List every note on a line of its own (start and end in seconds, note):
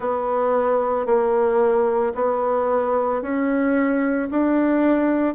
0.00 1.06 B3
1.06 2.13 A#3
2.14 3.21 B3
3.21 4.29 C#4
4.31 5.34 D4